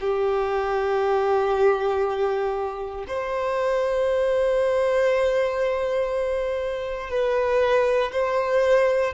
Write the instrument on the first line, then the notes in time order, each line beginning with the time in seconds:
violin
0.00 G4
3.07 C5
7.10 B4
8.12 C5